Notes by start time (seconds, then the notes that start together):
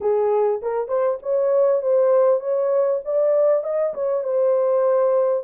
0.00 G#4
0.62 A#4
0.88 C5
1.22 C#5
1.82 C5
2.39 C#5
3.04 D5
3.63 D#5
3.94 C#5
4.23 C5